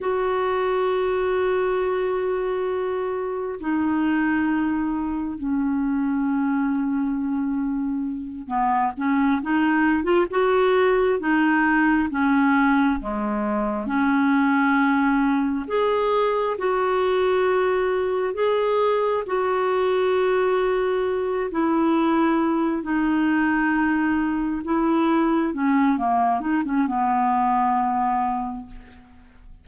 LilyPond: \new Staff \with { instrumentName = "clarinet" } { \time 4/4 \tempo 4 = 67 fis'1 | dis'2 cis'2~ | cis'4. b8 cis'8 dis'8. f'16 fis'8~ | fis'8 dis'4 cis'4 gis4 cis'8~ |
cis'4. gis'4 fis'4.~ | fis'8 gis'4 fis'2~ fis'8 | e'4. dis'2 e'8~ | e'8 cis'8 ais8 dis'16 cis'16 b2 | }